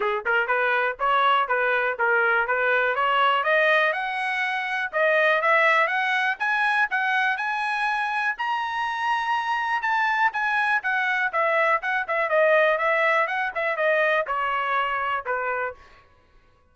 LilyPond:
\new Staff \with { instrumentName = "trumpet" } { \time 4/4 \tempo 4 = 122 gis'8 ais'8 b'4 cis''4 b'4 | ais'4 b'4 cis''4 dis''4 | fis''2 dis''4 e''4 | fis''4 gis''4 fis''4 gis''4~ |
gis''4 ais''2. | a''4 gis''4 fis''4 e''4 | fis''8 e''8 dis''4 e''4 fis''8 e''8 | dis''4 cis''2 b'4 | }